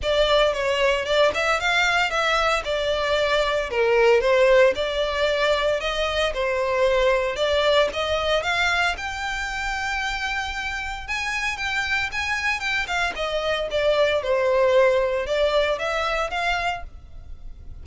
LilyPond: \new Staff \with { instrumentName = "violin" } { \time 4/4 \tempo 4 = 114 d''4 cis''4 d''8 e''8 f''4 | e''4 d''2 ais'4 | c''4 d''2 dis''4 | c''2 d''4 dis''4 |
f''4 g''2.~ | g''4 gis''4 g''4 gis''4 | g''8 f''8 dis''4 d''4 c''4~ | c''4 d''4 e''4 f''4 | }